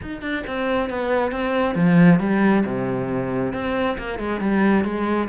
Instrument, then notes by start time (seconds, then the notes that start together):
cello
0.02 D#4
0.21 D4
0.46 C4
0.89 B3
1.31 C4
1.75 F3
2.19 G3
2.65 C3
3.53 C4
3.98 A#3
4.18 G#3
4.40 G3
4.84 G#3